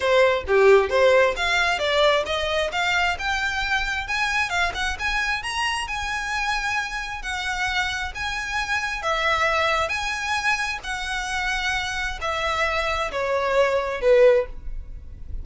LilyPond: \new Staff \with { instrumentName = "violin" } { \time 4/4 \tempo 4 = 133 c''4 g'4 c''4 f''4 | d''4 dis''4 f''4 g''4~ | g''4 gis''4 f''8 fis''8 gis''4 | ais''4 gis''2. |
fis''2 gis''2 | e''2 gis''2 | fis''2. e''4~ | e''4 cis''2 b'4 | }